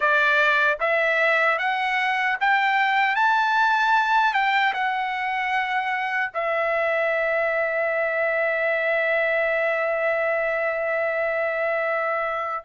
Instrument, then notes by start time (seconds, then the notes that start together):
trumpet
0.00 D5
0.79 E5
1.58 F#5
2.40 G5
3.15 A5
4.33 G5
4.73 F#5
6.34 E5